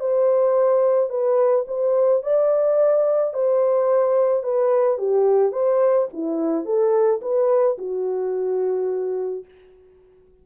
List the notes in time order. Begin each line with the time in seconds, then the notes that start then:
0.00 C5
1.10 B4
1.68 C5
2.23 D5
3.33 C5
4.43 B4
4.98 G4
5.52 C5
6.13 E4
6.65 A4
7.21 B4
7.78 F#4